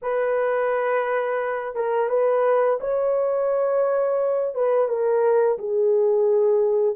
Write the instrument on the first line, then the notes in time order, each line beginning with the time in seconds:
horn
0.02 B4
1.75 A#4
2.09 B4
2.80 C#5
4.54 B4
4.88 A#4
5.58 G#4